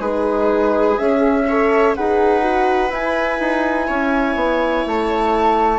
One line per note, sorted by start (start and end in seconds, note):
0.00 0.97 G#3
0.00 0.97 D#4
0.00 1.45 G#4
0.00 0.98 B4
0.98 1.46 C#4
0.98 1.97 C#4
0.98 1.95 E5
1.49 1.97 A4
1.49 1.96 C#5
1.95 2.91 D#4
1.95 2.42 G#4
1.95 3.88 B4
1.95 2.92 F#5
2.42 2.90 F#4
2.91 3.39 E4
2.91 5.79 E4
2.91 4.87 G#5
3.40 3.88 D#4
3.88 4.36 C#4
3.88 5.79 C#5
4.36 4.84 B3
4.86 5.79 A3
4.86 5.79 A5